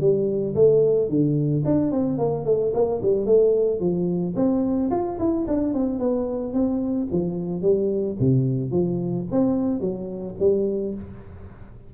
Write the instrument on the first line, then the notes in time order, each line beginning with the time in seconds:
tuba
0.00 G3
0.55 A3
1.09 D3
1.65 D4
1.91 C4
2.18 A#3
2.45 A3
2.73 A#3
3.02 G3
3.26 A3
3.80 F3
4.35 C4
4.91 F4
5.19 E4
5.47 D4
5.74 C4
5.99 B3
6.53 C4
7.12 F3
7.62 G3
8.20 C3
8.71 F3
9.31 C4
9.80 F#3
10.39 G3